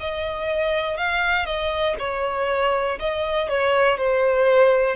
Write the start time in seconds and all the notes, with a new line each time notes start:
0.00 D#5
0.97 F5
1.45 D#5
1.99 C#5
2.99 D#5
3.48 C#5
3.97 C5